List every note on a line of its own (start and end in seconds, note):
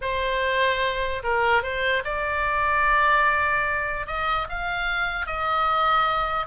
0.01 1.22 C5
1.23 1.62 A#4
1.62 2.03 C5
2.04 4.07 D5
4.07 4.47 D#5
4.49 5.26 F5
5.26 6.46 D#5